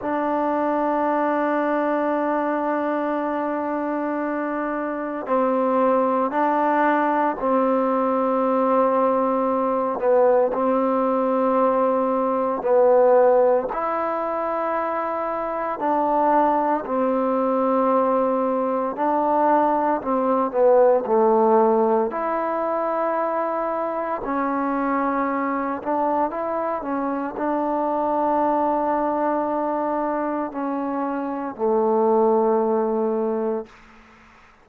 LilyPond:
\new Staff \with { instrumentName = "trombone" } { \time 4/4 \tempo 4 = 57 d'1~ | d'4 c'4 d'4 c'4~ | c'4. b8 c'2 | b4 e'2 d'4 |
c'2 d'4 c'8 b8 | a4 e'2 cis'4~ | cis'8 d'8 e'8 cis'8 d'2~ | d'4 cis'4 a2 | }